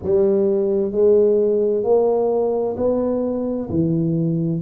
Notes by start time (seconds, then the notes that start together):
0.02 G3
0.91 G#3
1.83 A#3
2.77 B3
3.69 E3